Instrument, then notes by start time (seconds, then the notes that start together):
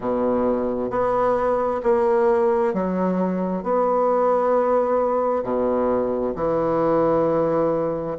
bassoon
0.00 B2
0.90 B3
1.83 A#3
2.73 F#3
3.63 B3
5.43 B2
6.35 E3